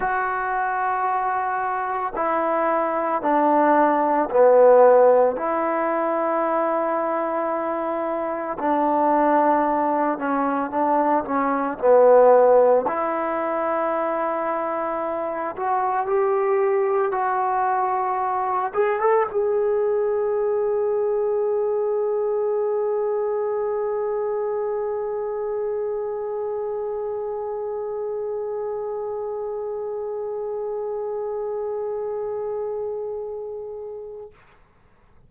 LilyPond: \new Staff \with { instrumentName = "trombone" } { \time 4/4 \tempo 4 = 56 fis'2 e'4 d'4 | b4 e'2. | d'4. cis'8 d'8 cis'8 b4 | e'2~ e'8 fis'8 g'4 |
fis'4. gis'16 a'16 gis'2~ | gis'1~ | gis'1~ | gis'1 | }